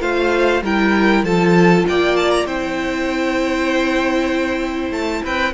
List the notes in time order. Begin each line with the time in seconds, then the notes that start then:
0.00 A3 F4 C5 F5
0.62 G3 E4 A#4 G5
1.23 F3 F4 A4 A5
1.88 A#3 D5 G5
2.16 A5
2.31 A#5
2.45 C4 E4 C5 G5
4.90 A3 A5
5.23 C4 B4 G5